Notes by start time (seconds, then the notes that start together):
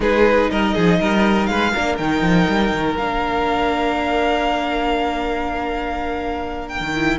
0.00 G#3 D#4 G#4 B4
0.50 G3 A#4 D#5
0.74 F3 G#4
0.99 G3 A#4
1.46 G#3 B4 F5
1.72 A#3 D4 A#4
1.97 D#3 D#4 G5
2.21 F3
2.48 G3
2.73 D#3
2.97 A#3 D4 F5
6.68 G5
6.80 D#3
6.94 E4